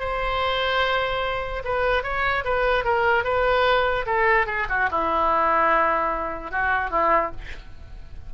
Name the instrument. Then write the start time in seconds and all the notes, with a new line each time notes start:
oboe
0.00 C5
1.65 B4
2.03 C#5
2.45 B4
2.85 A#4
3.24 B4
4.06 A4
4.47 G#4
4.70 F#4
4.91 E4
6.52 F#4
6.91 E4